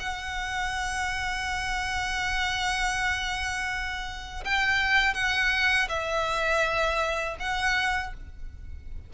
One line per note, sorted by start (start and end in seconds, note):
0.00 4.44 F#5
4.45 5.14 G5
5.14 5.88 F#5
5.89 7.37 E5
7.40 8.14 F#5